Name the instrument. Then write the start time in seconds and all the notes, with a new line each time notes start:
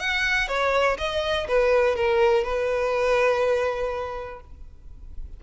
violin
0.00 F#5
0.48 C#5
0.98 D#5
1.48 B4
1.96 A#4
2.44 B4